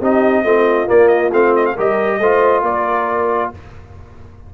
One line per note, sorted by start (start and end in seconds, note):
0.00 0.44 C4
0.00 0.45 D#4
0.00 0.44 G4
0.00 0.89 D#5
0.44 0.88 A3
0.44 0.87 C4
0.44 1.74 F4
0.87 1.31 A#3
0.87 1.32 A#3
0.87 1.08 D5
1.08 1.30 D#5
1.32 1.76 A3
1.32 1.76 C4
1.32 1.55 F5
1.56 1.66 D#5
1.66 1.77 F5
1.74 2.19 G3
1.74 2.21 G4
1.74 2.18 A#4
1.74 2.64 D#5
2.19 2.62 A3
2.19 3.54 F4
2.19 2.63 C5
2.62 3.50 A#3
2.62 3.51 A#4
2.62 3.52 D5